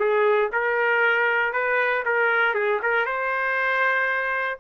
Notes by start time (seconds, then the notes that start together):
0.00 G#4
0.53 A#4
1.53 B4
2.05 A#4
2.55 G#4
2.83 A#4
3.06 C5